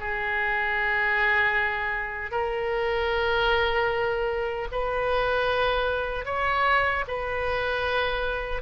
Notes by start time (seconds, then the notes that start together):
0.00 G#4
2.31 A#4
4.72 B4
6.25 C#5
7.08 B4